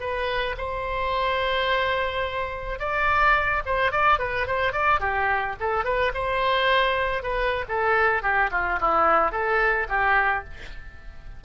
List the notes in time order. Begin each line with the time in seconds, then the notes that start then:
0.00 B4
0.58 C5
2.79 D5
3.66 C5
3.92 D5
4.19 B4
4.47 C5
4.72 D5
5.00 G4
5.60 A4
5.84 B4
6.14 C5
7.23 B4
7.68 A4
8.22 G4
8.51 F4
8.81 E4
9.32 A4
9.89 G4